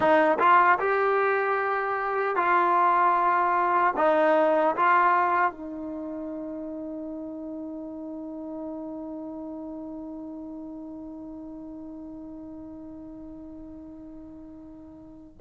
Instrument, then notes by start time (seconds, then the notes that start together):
trombone
0.00 D#4
0.39 F4
0.79 G4
2.36 F4
3.96 D#4
4.76 F4
5.51 D#4